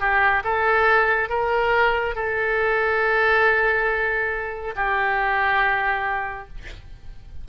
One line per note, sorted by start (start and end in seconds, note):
0.00 0.43 G4
0.44 1.29 A4
1.29 2.15 A#4
2.15 4.74 A4
4.75 6.48 G4